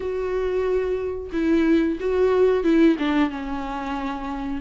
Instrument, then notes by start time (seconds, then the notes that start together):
viola
0.00 F#4
1.32 E4
1.99 F#4
2.63 E4
2.98 D4
3.30 C#4